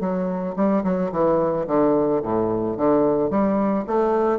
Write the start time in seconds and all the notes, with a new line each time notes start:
0.00 F#3
0.56 G3
0.83 F#3
1.12 E3
1.67 D3
2.22 A2
2.77 D3
3.30 G3
3.87 A3